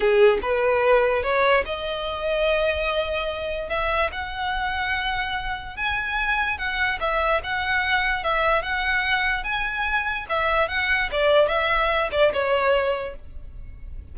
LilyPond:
\new Staff \with { instrumentName = "violin" } { \time 4/4 \tempo 4 = 146 gis'4 b'2 cis''4 | dis''1~ | dis''4 e''4 fis''2~ | fis''2 gis''2 |
fis''4 e''4 fis''2 | e''4 fis''2 gis''4~ | gis''4 e''4 fis''4 d''4 | e''4. d''8 cis''2 | }